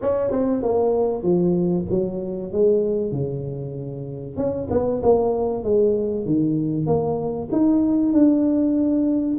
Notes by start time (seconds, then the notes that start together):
0.01 C#4
0.31 C4
0.62 A#3
1.22 F3
1.90 F#3
2.52 G#3
3.11 C#3
4.36 C#4
4.70 B3
5.02 A#3
5.63 G#3
6.25 D#3
6.86 A#3
7.52 D#4
8.12 D4